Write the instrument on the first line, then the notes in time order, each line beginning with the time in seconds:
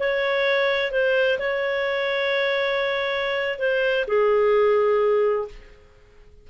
clarinet
0.00 C#5
0.92 C5
1.39 C#5
3.59 C5
4.08 G#4